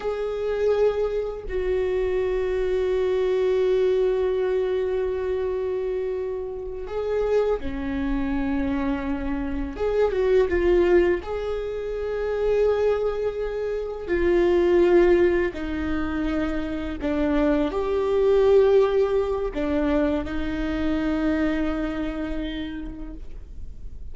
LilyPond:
\new Staff \with { instrumentName = "viola" } { \time 4/4 \tempo 4 = 83 gis'2 fis'2~ | fis'1~ | fis'4. gis'4 cis'4.~ | cis'4. gis'8 fis'8 f'4 gis'8~ |
gis'2.~ gis'8 f'8~ | f'4. dis'2 d'8~ | d'8 g'2~ g'8 d'4 | dis'1 | }